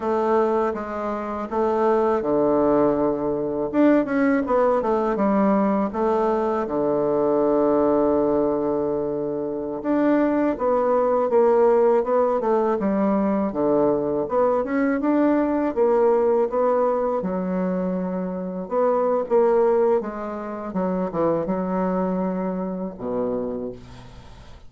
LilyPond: \new Staff \with { instrumentName = "bassoon" } { \time 4/4 \tempo 4 = 81 a4 gis4 a4 d4~ | d4 d'8 cis'8 b8 a8 g4 | a4 d2.~ | d4~ d16 d'4 b4 ais8.~ |
ais16 b8 a8 g4 d4 b8 cis'16~ | cis'16 d'4 ais4 b4 fis8.~ | fis4~ fis16 b8. ais4 gis4 | fis8 e8 fis2 b,4 | }